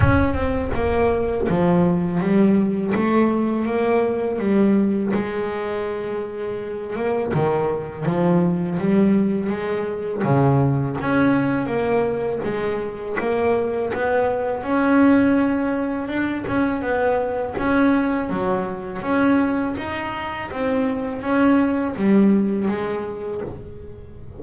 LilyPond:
\new Staff \with { instrumentName = "double bass" } { \time 4/4 \tempo 4 = 82 cis'8 c'8 ais4 f4 g4 | a4 ais4 g4 gis4~ | gis4. ais8 dis4 f4 | g4 gis4 cis4 cis'4 |
ais4 gis4 ais4 b4 | cis'2 d'8 cis'8 b4 | cis'4 fis4 cis'4 dis'4 | c'4 cis'4 g4 gis4 | }